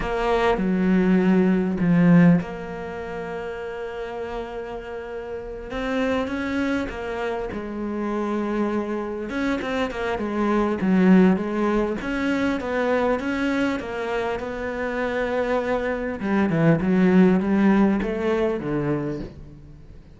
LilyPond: \new Staff \with { instrumentName = "cello" } { \time 4/4 \tempo 4 = 100 ais4 fis2 f4 | ais1~ | ais4. c'4 cis'4 ais8~ | ais8 gis2. cis'8 |
c'8 ais8 gis4 fis4 gis4 | cis'4 b4 cis'4 ais4 | b2. g8 e8 | fis4 g4 a4 d4 | }